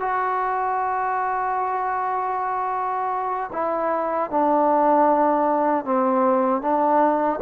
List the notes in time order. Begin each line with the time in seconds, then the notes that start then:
0.00 F#4
3.52 E4
4.30 D4
5.84 C4
6.62 D4